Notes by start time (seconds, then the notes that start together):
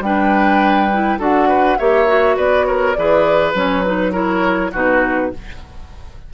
0.00 G3 D4 B4 G5
0.92 E4
1.19 D4 F#4 A4 F#5
1.48 B4
1.78 A#3 G4 C#5 E5
2.07 F#4
2.36 B3 B4 D5
2.66 A#4 C#5
2.93 E3 G#4 B4 D5
3.54 F#3 C#4 C#5
3.83 D#4 B4
4.12 E4 A#4 C#5
4.72 B2 D#4 F#4 B4